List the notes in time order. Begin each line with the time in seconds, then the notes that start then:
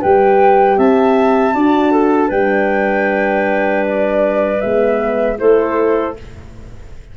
0.00 G3 G4 B4 G5
0.77 C4 E5 A5
1.54 D4 F#4 D5
1.91 A4
2.28 G3 D4 B4 G5
3.86 D5
4.60 G#3 B3 E5
5.37 A3 E4 A4 C5